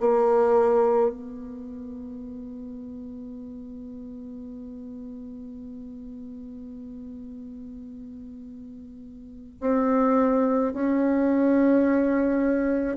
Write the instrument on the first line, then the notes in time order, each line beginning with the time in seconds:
bassoon
0.00 A#3
1.10 B3
9.60 C4
10.73 C#4